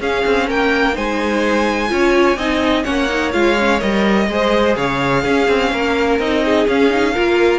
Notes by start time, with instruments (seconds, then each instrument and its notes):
0.00 cello C#4, viola C#4, violin G#4 F5
0.26 cello C4
0.47 cello A#3, violin A#4 G5
0.93 cello G#3, viola D#4, violin C5 G#5
1.89 cello C#4, viola F4, violin C#5
2.37 cello C4, viola D#4, violin D#5
2.84 cello A#3, viola C#4, violin C#5 F#5
3.09 viola D#4
3.32 cello G#3, viola F4, violin F5
3.59 viola C#4
3.80 cello G3, viola A#4, violin D#5
4.28 cello G#3, viola G#4, violin C5
4.76 cello C#3, violin C#5 F5
5.23 cello C#4, viola C#4, violin G#4
5.49 cello C4
5.72 cello A#3, violin A#4
6.19 cello C4, viola D#4, violin D#5
6.45 violin G#4
6.67 viola C#4, cello C#4, violin F5
6.90 viola D#4
7.14 cello A#3, viola F4, violin A#4